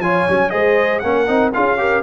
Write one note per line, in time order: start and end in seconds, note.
0.00 0.25 F3
0.00 0.29 F4
0.00 0.52 C#5
0.00 0.51 G#5
0.29 0.55 F#3
0.29 0.51 C#4
0.51 1.04 G#3
0.51 1.02 G#4
0.51 1.03 C5
0.51 1.00 D#5
1.00 1.29 A#3
1.00 1.27 C#4
1.00 1.54 A#4
1.00 1.50 F#5
1.27 1.54 C4
1.27 1.53 D#4
1.54 2.03 C#4
1.54 1.78 F4
1.54 1.80 G#4
1.54 2.03 F5
1.78 2.03 G4
1.78 2.03 A#4